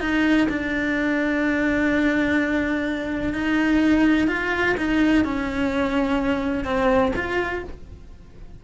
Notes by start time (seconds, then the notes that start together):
0.00 D#4
0.49 D4
3.33 D#4
4.28 F4
4.77 D#4
5.24 C#4
6.64 C4
7.16 F4